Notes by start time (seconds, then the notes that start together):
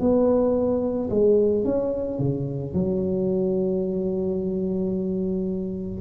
0.00 B3
1.10 G#3
1.64 C#4
2.19 C#3
2.73 F#3